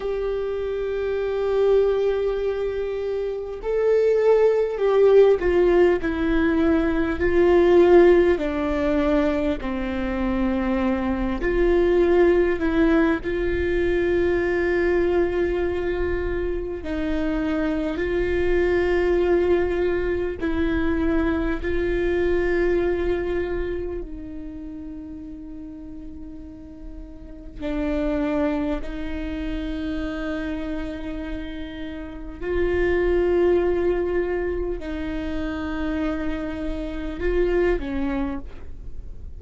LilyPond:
\new Staff \with { instrumentName = "viola" } { \time 4/4 \tempo 4 = 50 g'2. a'4 | g'8 f'8 e'4 f'4 d'4 | c'4. f'4 e'8 f'4~ | f'2 dis'4 f'4~ |
f'4 e'4 f'2 | dis'2. d'4 | dis'2. f'4~ | f'4 dis'2 f'8 cis'8 | }